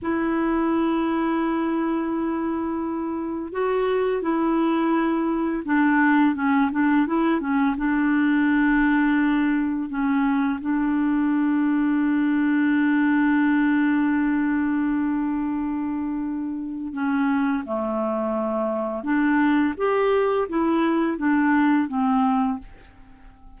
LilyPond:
\new Staff \with { instrumentName = "clarinet" } { \time 4/4 \tempo 4 = 85 e'1~ | e'4 fis'4 e'2 | d'4 cis'8 d'8 e'8 cis'8 d'4~ | d'2 cis'4 d'4~ |
d'1~ | d'1 | cis'4 a2 d'4 | g'4 e'4 d'4 c'4 | }